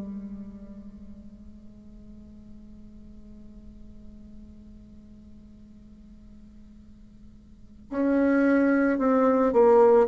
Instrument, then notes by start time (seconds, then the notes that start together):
bassoon
0.00 G#3
7.90 C#4
8.98 C4
9.53 A#3